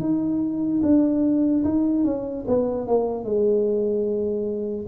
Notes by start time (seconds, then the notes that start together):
0.00 D#4
0.83 D4
1.65 D#4
2.05 C#4
2.48 B3
2.88 A#3
3.24 G#3